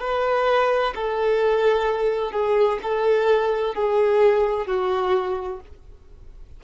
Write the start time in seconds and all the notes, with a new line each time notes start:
0.00 B4
0.95 A4
2.32 G#4
2.83 A4
3.75 G#4
4.67 F#4